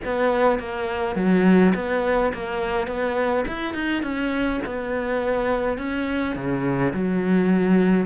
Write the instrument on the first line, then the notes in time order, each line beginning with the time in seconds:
cello
0.04 B3
0.59 A#3
1.15 F#3
1.75 B3
2.33 A#3
2.87 B3
3.47 E4
3.73 D#4
4.02 C#4
4.65 B3
5.77 C#4
6.35 C#3
6.93 F#3